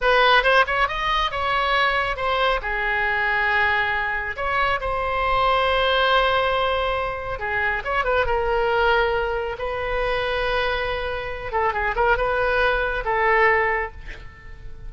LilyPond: \new Staff \with { instrumentName = "oboe" } { \time 4/4 \tempo 4 = 138 b'4 c''8 cis''8 dis''4 cis''4~ | cis''4 c''4 gis'2~ | gis'2 cis''4 c''4~ | c''1~ |
c''4 gis'4 cis''8 b'8 ais'4~ | ais'2 b'2~ | b'2~ b'8 a'8 gis'8 ais'8 | b'2 a'2 | }